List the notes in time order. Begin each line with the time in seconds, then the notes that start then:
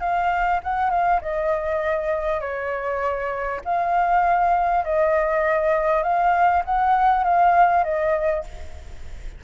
0.00 F5
0.63 F#5
0.90 F5
1.21 D#5
2.41 C#5
3.65 F5
4.85 D#5
6.03 F5
6.65 F#5
7.24 F5
7.84 D#5